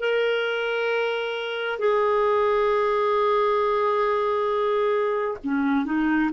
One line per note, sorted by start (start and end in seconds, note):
0.00 1.79 A#4
1.79 5.37 G#4
5.44 5.85 C#4
5.85 6.30 D#4